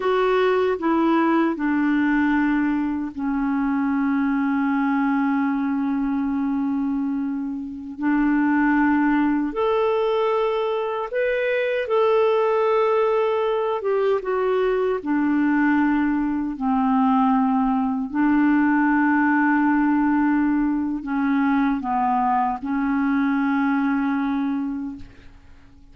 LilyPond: \new Staff \with { instrumentName = "clarinet" } { \time 4/4 \tempo 4 = 77 fis'4 e'4 d'2 | cis'1~ | cis'2~ cis'16 d'4.~ d'16~ | d'16 a'2 b'4 a'8.~ |
a'4.~ a'16 g'8 fis'4 d'8.~ | d'4~ d'16 c'2 d'8.~ | d'2. cis'4 | b4 cis'2. | }